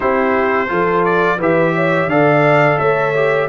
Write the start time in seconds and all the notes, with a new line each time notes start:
0.00 C4 E4 G4 C5
0.68 F3 F4 A4
1.04 D5
1.37 E3 G4 B4 E5
1.74 C#5
2.06 D3 A4 D5 F5
2.78 A3 C#5 E5
3.15 G4